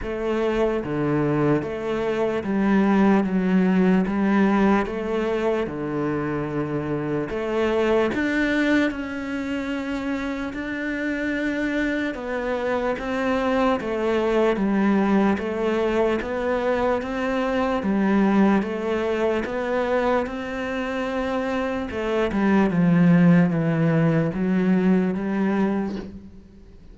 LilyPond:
\new Staff \with { instrumentName = "cello" } { \time 4/4 \tempo 4 = 74 a4 d4 a4 g4 | fis4 g4 a4 d4~ | d4 a4 d'4 cis'4~ | cis'4 d'2 b4 |
c'4 a4 g4 a4 | b4 c'4 g4 a4 | b4 c'2 a8 g8 | f4 e4 fis4 g4 | }